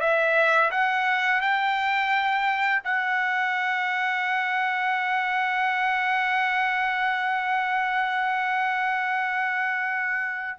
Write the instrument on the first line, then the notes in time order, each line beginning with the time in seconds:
trumpet
0.00 E5
0.71 F#5
1.41 G5
2.84 F#5